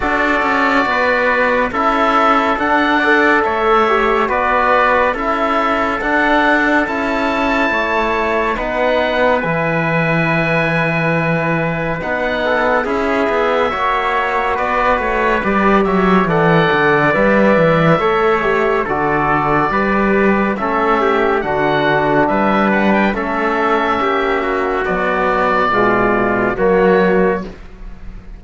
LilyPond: <<
  \new Staff \with { instrumentName = "oboe" } { \time 4/4 \tempo 4 = 70 d''2 e''4 fis''4 | e''4 d''4 e''4 fis''4 | a''2 fis''4 gis''4~ | gis''2 fis''4 e''4~ |
e''4 d''8 cis''8 d''8 e''8 fis''4 | e''2 d''2 | e''4 fis''4 e''8 fis''16 g''16 e''4~ | e''4 d''2 cis''4 | }
  \new Staff \with { instrumentName = "trumpet" } { \time 4/4 a'4 b'4 a'4. d''8 | cis''4 b'4 a'2~ | a'4 cis''4 b'2~ | b'2~ b'8 a'8 gis'4 |
cis''4 b'4. cis''8 d''4~ | d''4 cis''4 a'4 b'4 | a'8 g'8 fis'4 b'4 a'4 | g'8 fis'4. f'4 fis'4 | }
  \new Staff \with { instrumentName = "trombone" } { \time 4/4 fis'2 e'4 d'8 a'8~ | a'8 g'8 fis'4 e'4 d'4 | e'2 dis'4 e'4~ | e'2 dis'4 e'4 |
fis'2 g'4 a'4 | b'4 a'8 g'8 fis'4 g'4 | cis'4 d'2 cis'4~ | cis'4 fis4 gis4 ais4 | }
  \new Staff \with { instrumentName = "cello" } { \time 4/4 d'8 cis'8 b4 cis'4 d'4 | a4 b4 cis'4 d'4 | cis'4 a4 b4 e4~ | e2 b4 cis'8 b8 |
ais4 b8 a8 g8 fis8 e8 d8 | g8 e8 a4 d4 g4 | a4 d4 g4 a4 | ais4 b4 b,4 fis4 | }
>>